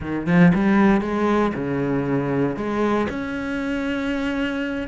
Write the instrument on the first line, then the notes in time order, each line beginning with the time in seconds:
cello
0.00 D#3
0.26 F3
0.54 G3
1.01 G#3
1.54 C#3
2.56 G#3
3.09 C#4